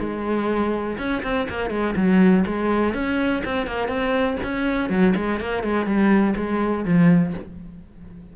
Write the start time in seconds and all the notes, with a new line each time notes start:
0.00 G#3
0.98 C#4
1.24 C4
1.50 A#3
1.70 G#3
1.96 F#3
2.47 G#3
2.94 C#4
3.45 C4
3.67 A#3
3.88 C4
4.44 C#4
4.90 F#3
5.16 G#3
5.40 A#3
5.63 G#3
5.86 G3
6.36 G#3
6.85 F3